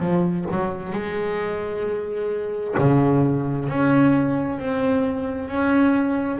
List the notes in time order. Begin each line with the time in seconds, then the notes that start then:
0.00 F3
0.51 F#3
0.93 G#3
2.78 C#3
3.69 C#4
4.59 C4
5.48 C#4